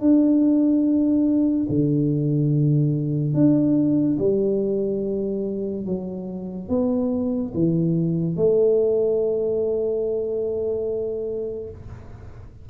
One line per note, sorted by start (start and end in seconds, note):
0.00 1.67 D4
1.69 3.34 D3
3.34 4.17 D4
4.19 5.86 G3
5.86 6.69 F#3
6.69 7.52 B3
7.54 8.36 E3
8.36 11.70 A3